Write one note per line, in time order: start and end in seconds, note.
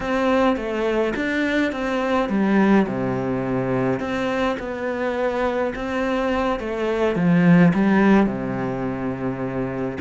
0.00 0.56 C4
0.56 1.13 A3
1.16 1.71 D4
1.71 2.29 C4
2.29 2.86 G3
2.87 3.99 C3
3.99 4.57 C4
4.59 5.73 B3
5.75 6.59 C4
6.59 7.15 A3
7.15 7.72 F3
7.74 8.26 G3
8.26 9.98 C3